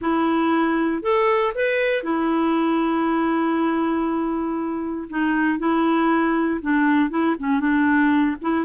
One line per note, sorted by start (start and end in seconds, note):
0.01 1.02 E4
1.02 1.53 A4
1.54 2.03 B4
2.03 5.08 E4
5.09 5.58 D#4
5.58 6.60 E4
6.61 7.10 D4
7.10 7.35 E4
7.39 7.59 C#4
7.59 8.36 D4
8.41 8.65 E4